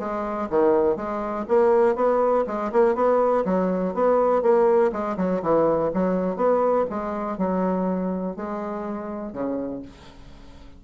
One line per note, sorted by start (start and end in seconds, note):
0.00 0.49 G#3
0.50 0.97 D#3
0.97 1.46 G#3
1.49 1.96 A#3
1.96 2.45 B3
2.47 2.72 G#3
2.73 2.96 A#3
2.96 3.45 B3
3.45 3.95 F#3
3.95 4.43 B3
4.43 4.92 A#3
4.92 5.17 G#3
5.17 5.42 F#3
5.43 5.92 E3
5.94 6.37 F#3
6.37 6.86 B3
6.90 7.38 G#3
7.38 8.37 F#3
8.37 9.33 G#3
9.33 9.82 C#3